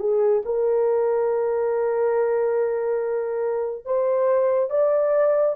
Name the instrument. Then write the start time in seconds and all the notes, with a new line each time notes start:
horn
0.00 G#4
0.46 A#4
3.86 C5
4.70 D5